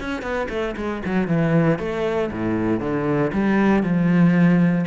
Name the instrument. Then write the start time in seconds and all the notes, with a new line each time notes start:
cello
0.00 C#4
0.22 B3
0.50 A3
0.77 G#3
1.05 F#3
1.28 E3
1.79 A3
2.32 A2
2.80 D3
3.33 G3
3.83 F3